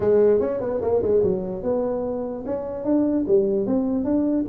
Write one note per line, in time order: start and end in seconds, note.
0.00 0.40 G#3
0.40 0.60 C#4
0.60 0.80 B3
0.81 1.02 A#3
1.02 1.22 G#3
1.23 1.62 F#3
1.62 2.44 B3
2.45 2.84 C#4
2.84 3.25 D4
3.27 3.66 G3
3.66 4.04 C4
4.04 4.45 D4